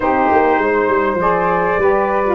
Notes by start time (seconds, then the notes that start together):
0.00 C4 D#4 G4 C5
0.30 A#3
0.58 G#3 C5
0.88 G3
1.14 F3 D5
1.21 G#4
1.77 G3 G4 B4
2.24 F4